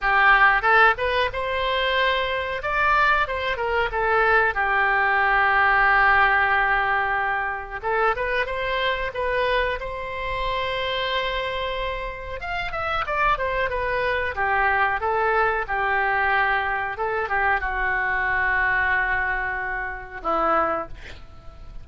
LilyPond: \new Staff \with { instrumentName = "oboe" } { \time 4/4 \tempo 4 = 92 g'4 a'8 b'8 c''2 | d''4 c''8 ais'8 a'4 g'4~ | g'1 | a'8 b'8 c''4 b'4 c''4~ |
c''2. f''8 e''8 | d''8 c''8 b'4 g'4 a'4 | g'2 a'8 g'8 fis'4~ | fis'2. e'4 | }